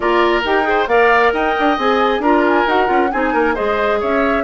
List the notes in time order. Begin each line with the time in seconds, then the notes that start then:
0.00 A#3 F4 A#4 D5
0.44 D#4 G4 G5
0.63 G#4
0.69 C5
0.87 A#3 A#4 D5 F5
1.32 D#4 D#5 G5
1.59 D4
1.77 C4 G#4 G#5
2.19 D4 F4 A#4 A#5
2.47 G#5
2.66 D#4 F#4 F#5
2.86 C#4 F4
3.11 C4 D#4 G#4 G#5
3.33 A#3 A#4
3.54 G#3 G#4 C5 D#5
4.00 C#4 C#5 E5